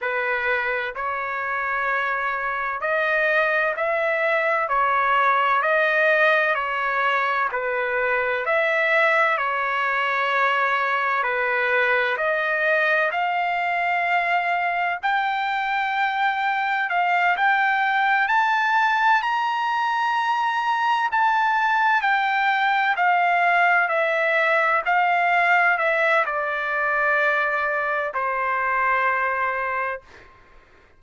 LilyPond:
\new Staff \with { instrumentName = "trumpet" } { \time 4/4 \tempo 4 = 64 b'4 cis''2 dis''4 | e''4 cis''4 dis''4 cis''4 | b'4 e''4 cis''2 | b'4 dis''4 f''2 |
g''2 f''8 g''4 a''8~ | a''8 ais''2 a''4 g''8~ | g''8 f''4 e''4 f''4 e''8 | d''2 c''2 | }